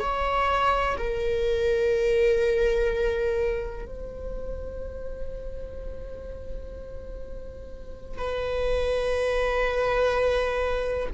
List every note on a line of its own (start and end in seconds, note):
0.00 0.97 C#5
0.98 3.86 A#4
3.86 8.18 C5
8.18 11.08 B4